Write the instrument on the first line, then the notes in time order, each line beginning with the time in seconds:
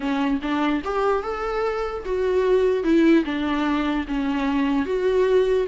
viola
0.00 C#4
0.41 D4
0.84 G4
1.23 A4
2.05 F#4
2.83 E4
3.24 D4
4.07 C#4
4.85 F#4